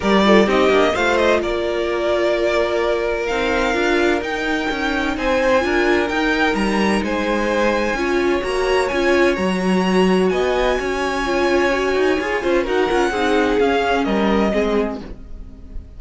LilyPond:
<<
  \new Staff \with { instrumentName = "violin" } { \time 4/4 \tempo 4 = 128 d''4 dis''4 f''8 dis''8 d''4~ | d''2. f''4~ | f''4 g''2 gis''4~ | gis''4 g''4 ais''4 gis''4~ |
gis''2 ais''4 gis''4 | ais''2 gis''2~ | gis''2. fis''4~ | fis''4 f''4 dis''2 | }
  \new Staff \with { instrumentName = "violin" } { \time 4/4 ais'8 a'8 g'4 c''4 ais'4~ | ais'1~ | ais'2. c''4 | ais'2. c''4~ |
c''4 cis''2.~ | cis''2 dis''4 cis''4~ | cis''2~ cis''8 c''8 ais'4 | gis'2 ais'4 gis'4 | }
  \new Staff \with { instrumentName = "viola" } { \time 4/4 g'8 f'8 dis'8 d'8 f'2~ | f'2. dis'4 | f'4 dis'2. | f'4 dis'2.~ |
dis'4 f'4 fis'4 f'4 | fis'1 | f'4 fis'4 gis'8 f'8 fis'8 f'8 | dis'4 cis'2 c'4 | }
  \new Staff \with { instrumentName = "cello" } { \time 4/4 g4 c'8 ais8 a4 ais4~ | ais2. c'4 | d'4 dis'4 cis'4 c'4 | d'4 dis'4 g4 gis4~ |
gis4 cis'4 ais4 cis'4 | fis2 b4 cis'4~ | cis'4. dis'8 f'8 cis'8 dis'8 cis'8 | c'4 cis'4 g4 gis4 | }
>>